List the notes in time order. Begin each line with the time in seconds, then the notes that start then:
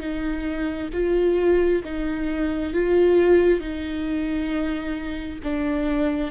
0.00 D#4
0.93 F4
1.85 D#4
2.74 F4
3.61 D#4
5.43 D4